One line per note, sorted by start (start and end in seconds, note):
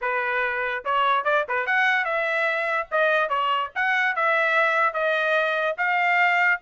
0.01 0.84 B4
0.85 1.24 C#5
1.24 1.45 D5
1.48 1.66 B4
1.66 2.04 F#5
2.04 2.87 E5
2.91 3.29 D#5
3.29 3.70 C#5
3.75 4.15 F#5
4.15 4.93 E5
4.93 5.76 D#5
5.77 6.60 F5